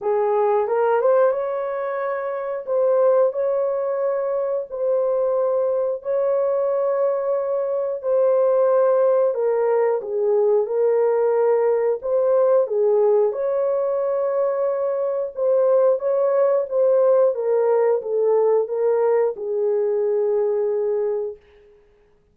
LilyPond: \new Staff \with { instrumentName = "horn" } { \time 4/4 \tempo 4 = 90 gis'4 ais'8 c''8 cis''2 | c''4 cis''2 c''4~ | c''4 cis''2. | c''2 ais'4 gis'4 |
ais'2 c''4 gis'4 | cis''2. c''4 | cis''4 c''4 ais'4 a'4 | ais'4 gis'2. | }